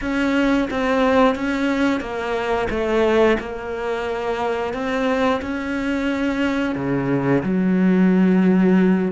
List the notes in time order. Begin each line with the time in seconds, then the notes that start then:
0.01 C#4
0.70 C4
1.35 C#4
2.00 A#3
2.70 A3
3.39 A#3
4.73 C4
5.41 C#4
6.75 C#3
7.43 F#3